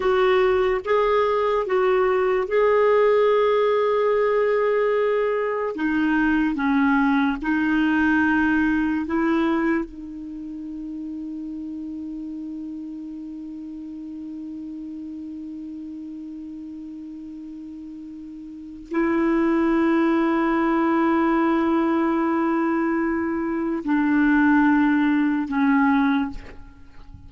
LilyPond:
\new Staff \with { instrumentName = "clarinet" } { \time 4/4 \tempo 4 = 73 fis'4 gis'4 fis'4 gis'4~ | gis'2. dis'4 | cis'4 dis'2 e'4 | dis'1~ |
dis'1~ | dis'2. e'4~ | e'1~ | e'4 d'2 cis'4 | }